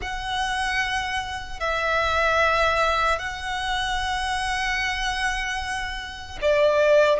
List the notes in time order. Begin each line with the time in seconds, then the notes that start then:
0.01 F#5
1.60 E5
3.18 F#5
6.41 D5